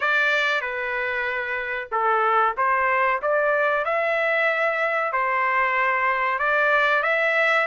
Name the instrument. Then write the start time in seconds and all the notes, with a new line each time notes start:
trumpet
0.00 D5
0.61 B4
1.91 A4
2.57 C5
3.22 D5
3.85 E5
5.12 C5
6.39 D5
7.02 E5